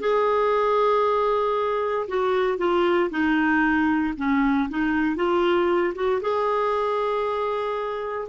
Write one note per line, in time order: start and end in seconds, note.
0.00 2.07 G#4
2.08 2.58 F#4
2.58 3.09 F4
3.10 4.14 D#4
4.17 4.69 C#4
4.69 5.16 D#4
5.16 5.93 F4
5.95 6.21 F#4
6.22 8.29 G#4